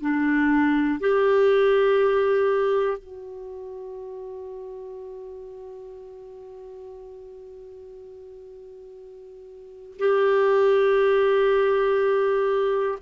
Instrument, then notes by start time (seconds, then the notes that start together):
clarinet
0.00 D4
1.00 G4
2.97 F#4
9.98 G4